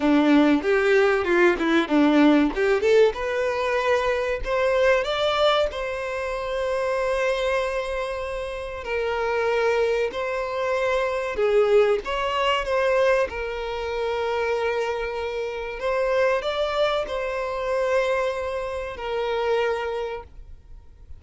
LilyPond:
\new Staff \with { instrumentName = "violin" } { \time 4/4 \tempo 4 = 95 d'4 g'4 f'8 e'8 d'4 | g'8 a'8 b'2 c''4 | d''4 c''2.~ | c''2 ais'2 |
c''2 gis'4 cis''4 | c''4 ais'2.~ | ais'4 c''4 d''4 c''4~ | c''2 ais'2 | }